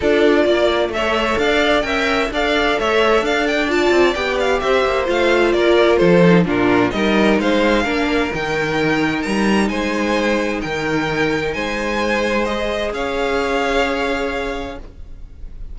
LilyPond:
<<
  \new Staff \with { instrumentName = "violin" } { \time 4/4 \tempo 4 = 130 d''2 e''4 f''4 | g''4 f''4 e''4 f''8 g''8 | a''4 g''8 f''8 e''4 f''4 | d''4 c''4 ais'4 dis''4 |
f''2 g''2 | ais''4 gis''2 g''4~ | g''4 gis''2 dis''4 | f''1 | }
  \new Staff \with { instrumentName = "violin" } { \time 4/4 a'4 d''4 cis''4 d''4 | e''4 d''4 cis''4 d''4~ | d''2 c''2 | ais'4 a'4 f'4 ais'4 |
c''4 ais'2.~ | ais'4 c''2 ais'4~ | ais'4 c''2. | cis''1 | }
  \new Staff \with { instrumentName = "viola" } { \time 4/4 f'2 a'2 | ais'4 a'2. | f'4 g'2 f'4~ | f'4. dis'8 d'4 dis'4~ |
dis'4 d'4 dis'2~ | dis'1~ | dis'2. gis'4~ | gis'1 | }
  \new Staff \with { instrumentName = "cello" } { \time 4/4 d'4 ais4 a4 d'4 | cis'4 d'4 a4 d'4~ | d'8 c'8 b4 c'8 ais8 a4 | ais4 f4 ais,4 g4 |
gis4 ais4 dis2 | g4 gis2 dis4~ | dis4 gis2. | cis'1 | }
>>